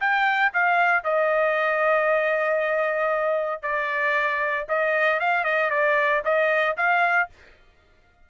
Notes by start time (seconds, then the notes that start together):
0.00 G5
0.53 F5
1.04 D#5
3.62 D5
4.68 D#5
5.19 F5
5.44 D#5
5.70 D5
6.24 D#5
6.77 F5